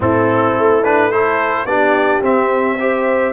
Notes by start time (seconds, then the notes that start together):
0.00 A2 C4 E4 A4
0.57 A3
0.84 D4 B4
1.11 E4 A4 C5
1.64 B3 D4 G4 D5
2.21 C4 E5
2.79 G4 C5